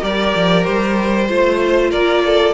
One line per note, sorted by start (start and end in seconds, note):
0.00 0.34 G3
0.00 1.26 G4
0.00 1.27 A#4
0.00 0.64 D5
0.35 0.67 F3
0.64 1.30 G3
0.64 1.91 C5
1.29 1.92 A3
1.29 2.54 F4
1.29 1.91 C5
1.91 2.54 A#3
1.91 2.22 A#4
1.91 2.54 D5
2.25 2.54 A4